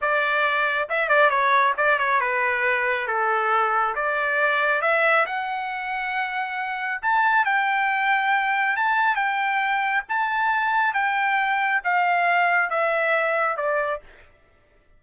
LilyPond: \new Staff \with { instrumentName = "trumpet" } { \time 4/4 \tempo 4 = 137 d''2 e''8 d''8 cis''4 | d''8 cis''8 b'2 a'4~ | a'4 d''2 e''4 | fis''1 |
a''4 g''2. | a''4 g''2 a''4~ | a''4 g''2 f''4~ | f''4 e''2 d''4 | }